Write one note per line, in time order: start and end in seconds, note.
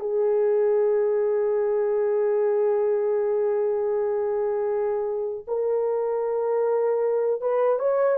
0.00 5.45 G#4
5.48 7.41 A#4
7.41 7.80 B4
7.80 8.19 C#5